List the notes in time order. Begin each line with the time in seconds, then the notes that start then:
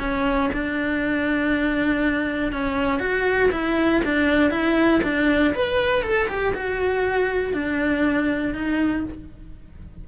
0.00 C#4
0.54 D4
2.53 C#4
3.00 F#4
3.52 E4
4.05 D4
4.51 E4
5.04 D4
5.55 B4
6.03 A4
6.29 G4
6.55 F#4
7.54 D4
8.55 D#4